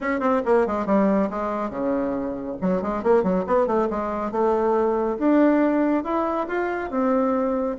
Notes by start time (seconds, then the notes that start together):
0.00 C#4
0.20 C4
0.45 A#3
0.66 G#3
0.86 G3
1.29 G#3
1.70 C#3
2.61 F#3
2.82 G#3
3.03 A#3
3.23 F#3
3.46 B3
3.67 A3
3.90 G#3
4.31 A3
5.18 D4
6.04 E4
6.47 F4
6.90 C4